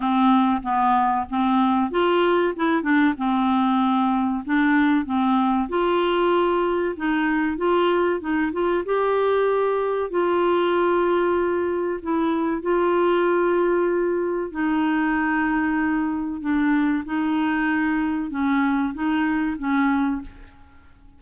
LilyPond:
\new Staff \with { instrumentName = "clarinet" } { \time 4/4 \tempo 4 = 95 c'4 b4 c'4 f'4 | e'8 d'8 c'2 d'4 | c'4 f'2 dis'4 | f'4 dis'8 f'8 g'2 |
f'2. e'4 | f'2. dis'4~ | dis'2 d'4 dis'4~ | dis'4 cis'4 dis'4 cis'4 | }